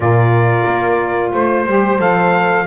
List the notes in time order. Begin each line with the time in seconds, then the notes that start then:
0.00 A#2 F4 A#4 D5
0.65 A#3
1.31 A3 C5
1.66 G3 G4
1.98 F3 A4 F5